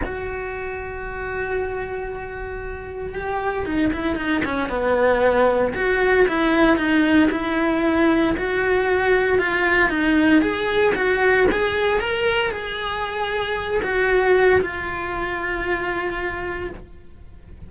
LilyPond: \new Staff \with { instrumentName = "cello" } { \time 4/4 \tempo 4 = 115 fis'1~ | fis'2 g'4 dis'8 e'8 | dis'8 cis'8 b2 fis'4 | e'4 dis'4 e'2 |
fis'2 f'4 dis'4 | gis'4 fis'4 gis'4 ais'4 | gis'2~ gis'8 fis'4. | f'1 | }